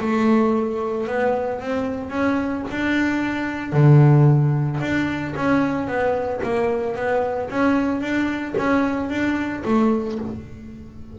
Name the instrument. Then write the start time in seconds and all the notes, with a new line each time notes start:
double bass
0.00 A3
1.07 B3
1.61 C4
2.10 C#4
2.71 D4
3.73 D3
4.81 D4
5.36 C#4
5.87 B3
6.44 A#3
6.96 B3
7.50 C#4
8.01 D4
8.58 C#4
9.09 D4
9.65 A3